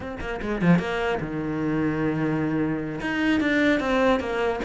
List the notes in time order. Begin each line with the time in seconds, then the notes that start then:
0.00 C4
0.20 A#3
0.41 G#3
0.61 F3
0.78 A#3
1.20 D#3
3.01 D#4
3.40 D4
3.80 C4
4.19 A#3